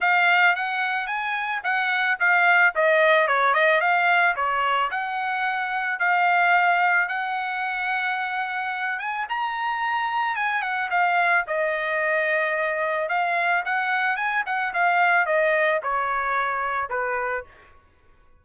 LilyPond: \new Staff \with { instrumentName = "trumpet" } { \time 4/4 \tempo 4 = 110 f''4 fis''4 gis''4 fis''4 | f''4 dis''4 cis''8 dis''8 f''4 | cis''4 fis''2 f''4~ | f''4 fis''2.~ |
fis''8 gis''8 ais''2 gis''8 fis''8 | f''4 dis''2. | f''4 fis''4 gis''8 fis''8 f''4 | dis''4 cis''2 b'4 | }